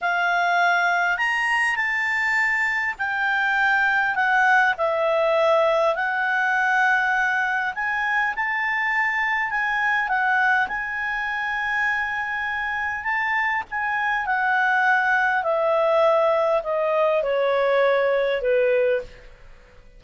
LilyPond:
\new Staff \with { instrumentName = "clarinet" } { \time 4/4 \tempo 4 = 101 f''2 ais''4 a''4~ | a''4 g''2 fis''4 | e''2 fis''2~ | fis''4 gis''4 a''2 |
gis''4 fis''4 gis''2~ | gis''2 a''4 gis''4 | fis''2 e''2 | dis''4 cis''2 b'4 | }